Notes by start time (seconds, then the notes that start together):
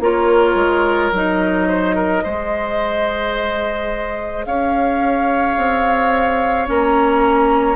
0.00 A#3 F4 A#4 C#5
0.55 G#3
1.12 F#3 D#4 D#5
1.68 C5
1.95 A#4
2.23 G#3 G#4 C5
4.45 C#4 C#5 F5
5.57 C4
6.66 A#3 C#4 A#5